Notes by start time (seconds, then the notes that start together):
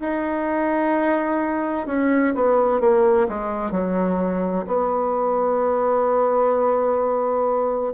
0.00 D#4
1.87 C#4
2.35 B3
2.81 A#3
3.29 G#3
3.72 F#3
4.67 B3